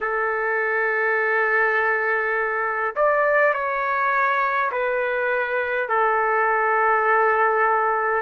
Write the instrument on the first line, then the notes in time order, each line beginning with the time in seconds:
trumpet
0.01 A4
2.95 D5
3.53 C#5
4.71 B4
5.88 A4